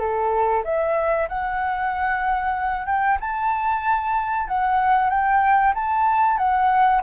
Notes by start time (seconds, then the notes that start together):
0.00 A4
0.65 E5
1.29 F#5
2.87 G5
3.21 A5
4.49 F#5
5.10 G5
5.75 A5
6.38 F#5